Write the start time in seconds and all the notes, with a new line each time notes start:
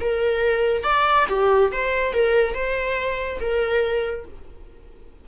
0.00 A#4
0.83 D5
1.29 G4
1.72 C5
2.13 A#4
2.54 C5
3.40 A#4